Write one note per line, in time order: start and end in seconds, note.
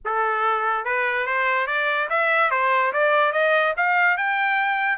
0.04 0.84 A4
0.84 1.26 B4
1.26 1.66 C5
1.66 2.08 D5
2.09 2.50 E5
2.50 2.92 C5
2.92 3.32 D5
3.32 3.74 D#5
3.76 4.17 F5
4.17 4.98 G5